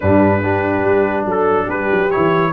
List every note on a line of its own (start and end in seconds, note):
0.00 0.84 G2
0.00 0.42 G3
0.00 0.42 D4
0.00 1.26 B4
0.42 2.10 D4
0.42 1.26 G4
0.84 1.25 G3
1.25 1.67 F#3
1.25 1.66 A4
1.25 1.69 A4
1.66 1.88 G3
1.66 2.50 G4
1.66 2.10 B4
1.91 2.12 F#3
2.10 2.53 E3
2.10 2.52 E4
2.10 2.53 C#5